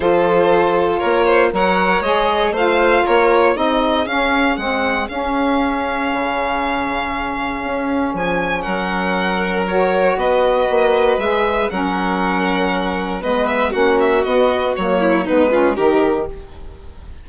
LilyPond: <<
  \new Staff \with { instrumentName = "violin" } { \time 4/4 \tempo 4 = 118 c''2 cis''4 fis''4 | dis''4 f''4 cis''4 dis''4 | f''4 fis''4 f''2~ | f''1 |
gis''4 fis''2 cis''4 | dis''2 e''4 fis''4~ | fis''2 dis''8 e''8 fis''8 e''8 | dis''4 cis''4 b'4 ais'4 | }
  \new Staff \with { instrumentName = "violin" } { \time 4/4 a'2 ais'8 c''8 cis''4~ | cis''4 c''4 ais'4 gis'4~ | gis'1~ | gis'1~ |
gis'4 ais'2. | b'2. ais'4~ | ais'2 b'4 fis'4~ | fis'4. e'8 dis'8 f'8 g'4 | }
  \new Staff \with { instrumentName = "saxophone" } { \time 4/4 f'2. ais'4 | gis'4 f'2 dis'4 | cis'4 c'4 cis'2~ | cis'1~ |
cis'2. fis'4~ | fis'2 gis'4 cis'4~ | cis'2 b4 cis'4 | b4 ais4 b8 cis'8 dis'4 | }
  \new Staff \with { instrumentName = "bassoon" } { \time 4/4 f2 ais4 fis4 | gis4 a4 ais4 c'4 | cis'4 gis4 cis'2 | cis2. cis'4 |
f4 fis2. | b4 ais4 gis4 fis4~ | fis2 gis4 ais4 | b4 fis4 gis4 dis4 | }
>>